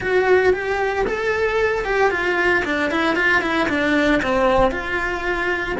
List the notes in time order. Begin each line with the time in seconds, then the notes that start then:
0.00 F#4
0.53 G4
1.06 A4
1.84 G4
2.11 F4
2.65 D4
2.91 E4
3.15 F4
3.41 E4
3.68 D4
4.22 C4
4.71 F4